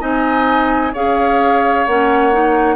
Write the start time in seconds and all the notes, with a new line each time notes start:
0.00 C4 D#4 D#5 G#5
0.92 C#4 G#4 C#5 F5
1.85 A#3 C#4 F#5
2.32 D#4